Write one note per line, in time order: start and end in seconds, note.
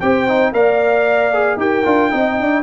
0.00 0.52 C4
0.00 0.28 G4
0.00 0.53 C5
0.00 0.53 G5
0.28 0.54 D#4
0.52 1.57 A#3
0.52 1.33 A#4
0.52 1.60 D5
0.52 1.60 F5
1.34 1.59 G#4
1.57 1.83 D#4
1.57 1.85 G4
1.57 2.12 A#4
1.57 2.63 G5
1.85 2.12 D4
1.85 2.11 F4
2.11 2.40 C4
2.11 2.63 D#4
2.11 2.39 D#5
2.40 2.63 D4
2.40 2.63 D5